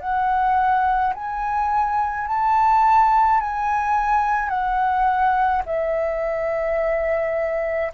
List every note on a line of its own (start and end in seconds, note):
0.00 1.13 F#5
1.14 2.27 G#5
2.27 3.40 A5
3.40 4.49 G#5
4.49 5.62 F#5
5.66 7.92 E5